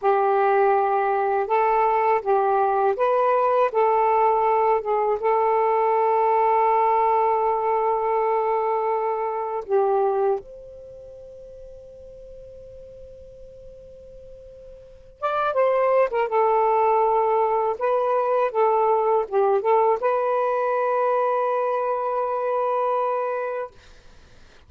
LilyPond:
\new Staff \with { instrumentName = "saxophone" } { \time 4/4 \tempo 4 = 81 g'2 a'4 g'4 | b'4 a'4. gis'8 a'4~ | a'1~ | a'4 g'4 c''2~ |
c''1~ | c''8 d''8 c''8. ais'16 a'2 | b'4 a'4 g'8 a'8 b'4~ | b'1 | }